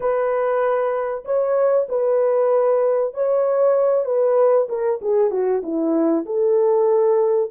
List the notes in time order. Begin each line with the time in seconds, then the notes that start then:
0.00 B4
1.24 C#5
1.89 B4
3.14 C#5
4.05 B4
4.68 A#4
5.01 G#4
5.30 F#4
5.62 E4
6.25 A4